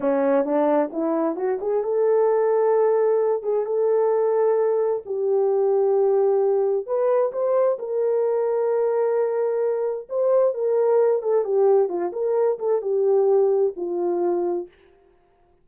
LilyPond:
\new Staff \with { instrumentName = "horn" } { \time 4/4 \tempo 4 = 131 cis'4 d'4 e'4 fis'8 gis'8 | a'2.~ a'8 gis'8 | a'2. g'4~ | g'2. b'4 |
c''4 ais'2.~ | ais'2 c''4 ais'4~ | ais'8 a'8 g'4 f'8 ais'4 a'8 | g'2 f'2 | }